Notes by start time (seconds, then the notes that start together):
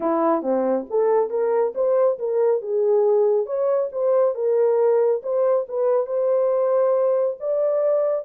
0.00 E4
0.42 C4
0.90 A4
1.29 A#4
1.74 C5
2.19 A#4
2.61 G#4
3.46 C#5
3.92 C5
4.34 A#4
5.23 C5
5.68 B4
6.06 C5
7.40 D5